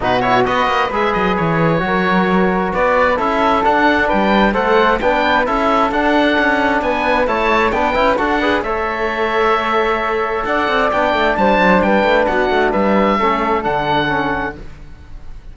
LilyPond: <<
  \new Staff \with { instrumentName = "oboe" } { \time 4/4 \tempo 4 = 132 b'8 cis''8 dis''4 e''8 dis''8 cis''4~ | cis''2 d''4 e''4 | fis''4 g''4 fis''4 g''4 | e''4 fis''2 gis''4 |
a''4 g''4 fis''4 e''4~ | e''2. fis''4 | g''4 a''4 g''4 fis''4 | e''2 fis''2 | }
  \new Staff \with { instrumentName = "flute" } { \time 4/4 fis'4 b'2. | ais'2 b'4 a'4~ | a'4 b'4 c''4 b'4 | a'2. b'4 |
cis''4 b'4 a'8 b'8 cis''4~ | cis''2. d''4~ | d''4 c''4 b'4 fis'4 | b'4 a'2. | }
  \new Staff \with { instrumentName = "trombone" } { \time 4/4 dis'8 e'8 fis'4 gis'2 | fis'2. e'4 | d'2 a'4 d'4 | e'4 d'2. |
e'4 d'8 e'8 fis'8 gis'8 a'4~ | a'1 | d'1~ | d'4 cis'4 d'4 cis'4 | }
  \new Staff \with { instrumentName = "cello" } { \time 4/4 b,4 b8 ais8 gis8 fis8 e4 | fis2 b4 cis'4 | d'4 g4 a4 b4 | cis'4 d'4 cis'4 b4 |
a4 b8 cis'8 d'4 a4~ | a2. d'8 c'8 | b8 a8 g8 fis8 g8 a8 b8 a8 | g4 a4 d2 | }
>>